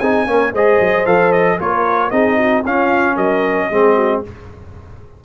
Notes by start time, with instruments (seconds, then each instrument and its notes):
0.00 tuba C4, trombone D#4, horn G#4, trumpet G#5
0.27 tuba A#3, trombone C#4, horn A#4
0.53 tuba G#3, trombone G#4, horn C5, trumpet D#5
0.80 tuba F#3
1.06 tuba F3, trombone A4, trumpet F5
1.32 trumpet D#5
1.59 tuba A#3, trombone F4, horn A#4, trumpet C#5
2.11 tuba C4, trombone D#4, horn G#4, trumpet D#5
2.38 horn F#4
2.65 tuba C#4, trombone C#4, horn F4, trumpet F5
3.16 tuba F#3, horn A#4, trumpet D#5
3.70 tuba G#3, trombone C4, horn G#4
3.95 horn F#4